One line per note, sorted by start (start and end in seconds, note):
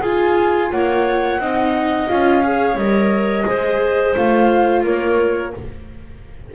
0.00 0.72 F4
0.00 1.41 F4
0.00 0.69 G#4
0.00 0.71 G#5
0.71 1.39 A#3
0.71 1.41 C#5
0.71 2.08 F#5
1.39 2.08 C4
1.39 2.09 D#4
1.39 2.44 D#5
2.08 2.75 C#4
2.08 2.43 F4
2.08 2.77 F5
2.43 2.77 G#4
2.43 3.47 C#5
2.75 3.44 G3
2.75 3.45 A#4
2.75 4.15 D#5
3.45 4.15 G#3
3.45 4.14 G#4
3.45 4.84 C5
4.15 4.84 A3
4.15 5.53 F4
4.15 4.85 F5
4.84 5.53 A#3
4.84 5.53 A#4
4.84 5.54 C#5